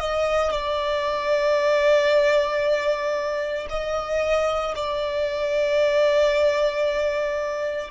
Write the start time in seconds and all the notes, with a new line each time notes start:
0.00 D#5
0.51 D5
3.69 D#5
4.75 D5